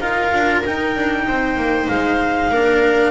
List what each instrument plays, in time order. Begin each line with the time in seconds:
0.00 double bass D#4, cello F4, viola A#4, clarinet F5
0.33 double bass D4
0.66 cello D#4, double bass D#4, clarinet G5
0.96 double bass D4
1.28 double bass C4, viola C5
1.56 double bass A#3
1.88 double bass G#3, clarinet F5
2.51 double bass A#3, cello D4, viola A#4